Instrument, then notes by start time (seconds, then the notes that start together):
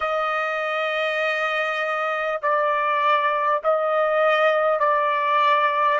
trumpet
0.00 D#5
2.42 D5
3.63 D#5
4.79 D5